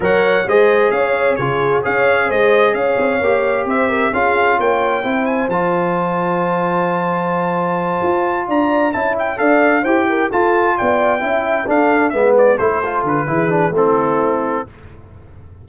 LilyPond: <<
  \new Staff \with { instrumentName = "trumpet" } { \time 4/4 \tempo 4 = 131 fis''4 dis''4 f''4 cis''4 | f''4 dis''4 f''2 | e''4 f''4 g''4. gis''8 | a''1~ |
a''2~ a''8 ais''4 a''8 | g''8 f''4 g''4 a''4 g''8~ | g''4. f''4 e''8 d''8 c''8~ | c''8 b'4. a'2 | }
  \new Staff \with { instrumentName = "horn" } { \time 4/4 cis''4 c''4 cis''4 gis'4 | cis''4 c''4 cis''2 | c''8 ais'8 gis'4 cis''4 c''4~ | c''1~ |
c''2~ c''8 d''4 e''8~ | e''8 d''4 c''8 ais'8 a'4 d''8~ | d''8 e''4 a'4 b'4 a'8~ | a'4 gis'4 e'2 | }
  \new Staff \with { instrumentName = "trombone" } { \time 4/4 ais'4 gis'2 f'4 | gis'2. g'4~ | g'4 f'2 e'4 | f'1~ |
f'2.~ f'8 e'8~ | e'8 a'4 g'4 f'4.~ | f'8 e'4 d'4 b4 e'8 | f'4 e'8 d'8 c'2 | }
  \new Staff \with { instrumentName = "tuba" } { \time 4/4 fis4 gis4 cis'4 cis4 | cis'4 gis4 cis'8 c'8 ais4 | c'4 cis'4 ais4 c'4 | f1~ |
f4. f'4 d'4 cis'8~ | cis'8 d'4 e'4 f'4 b8~ | b8 cis'4 d'4 gis4 a8~ | a8 d8 e4 a2 | }
>>